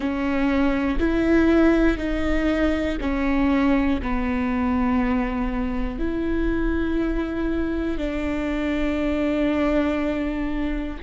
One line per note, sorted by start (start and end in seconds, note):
0.00 0.98 C#4
0.99 1.97 E4
1.97 2.97 D#4
3.00 4.00 C#4
4.02 5.98 B3
5.98 7.97 E4
7.97 10.97 D4